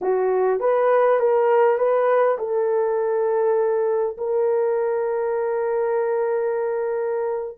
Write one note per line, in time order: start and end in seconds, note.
0.01 0.60 F#4
0.60 1.19 B4
1.19 1.78 A#4
1.78 2.37 B4
2.38 4.16 A4
4.17 7.58 A#4